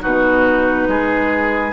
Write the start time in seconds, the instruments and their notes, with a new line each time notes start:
0.00 bassoon B2, clarinet D#4, oboe F#4, flute B4
0.88 bassoon G#3, oboe G#4